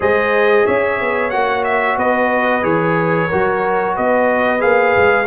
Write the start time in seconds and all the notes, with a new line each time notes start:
0.00 G#3 G#4 C5 D#5
0.66 C#4 C#5 E5
1.00 B3
1.30 A#3 F#4 F#5
1.64 E5
1.97 B3 B4 D#5
2.62 E3 G#4 C#5
3.28 F#3 F#4 A#4
3.94 B3 B4 D#5
4.59 A#3 G#4 F5
4.96 G#3